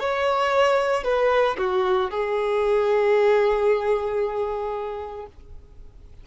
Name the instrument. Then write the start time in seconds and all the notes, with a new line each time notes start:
violin
0.00 C#5
1.04 B4
1.58 F#4
2.11 G#4